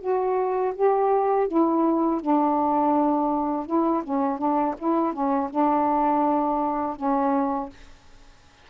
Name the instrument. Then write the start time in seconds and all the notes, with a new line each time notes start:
saxophone
0.00 F#4
0.75 G4
1.47 E4
2.21 D4
3.66 E4
4.03 C#4
4.38 D4
4.78 E4
5.13 C#4
5.50 D4
6.96 C#4